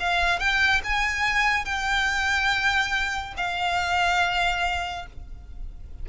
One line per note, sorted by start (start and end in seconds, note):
0.00 0.40 F5
0.40 0.82 G5
0.84 1.66 G#5
1.66 3.35 G5
3.37 5.06 F5